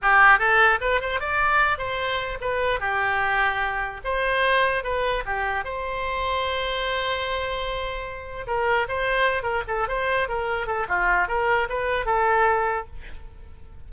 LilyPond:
\new Staff \with { instrumentName = "oboe" } { \time 4/4 \tempo 4 = 149 g'4 a'4 b'8 c''8 d''4~ | d''8 c''4. b'4 g'4~ | g'2 c''2 | b'4 g'4 c''2~ |
c''1~ | c''4 ais'4 c''4. ais'8 | a'8 c''4 ais'4 a'8 f'4 | ais'4 b'4 a'2 | }